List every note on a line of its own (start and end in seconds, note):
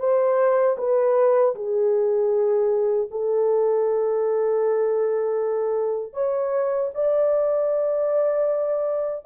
0.00 0.77 C5
0.78 1.55 B4
1.56 3.09 G#4
3.12 6.14 A4
6.14 6.91 C#5
6.95 9.26 D5